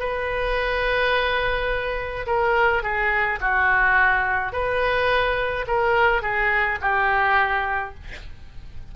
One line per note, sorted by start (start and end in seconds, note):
0.00 2.26 B4
2.27 2.83 A#4
2.83 3.40 G#4
3.41 4.53 F#4
4.53 5.66 B4
5.68 6.23 A#4
6.23 6.79 G#4
6.81 7.95 G4